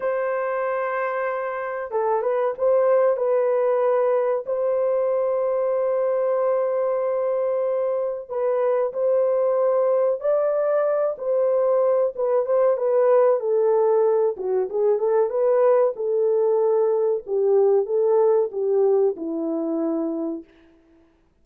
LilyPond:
\new Staff \with { instrumentName = "horn" } { \time 4/4 \tempo 4 = 94 c''2. a'8 b'8 | c''4 b'2 c''4~ | c''1~ | c''4 b'4 c''2 |
d''4. c''4. b'8 c''8 | b'4 a'4. fis'8 gis'8 a'8 | b'4 a'2 g'4 | a'4 g'4 e'2 | }